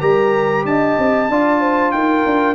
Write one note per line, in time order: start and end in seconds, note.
0.00 0.64 G3
0.00 1.28 G4
0.00 0.64 A#4
0.00 0.64 A#5
0.64 0.96 D4
0.64 1.31 D#5
0.64 1.91 A5
0.98 1.29 C4
1.29 1.92 D4
1.29 2.55 F4
1.29 1.60 D5
1.60 1.92 C5
1.91 2.24 D#4
1.91 2.55 A#4
1.91 2.55 G5
2.26 2.55 D4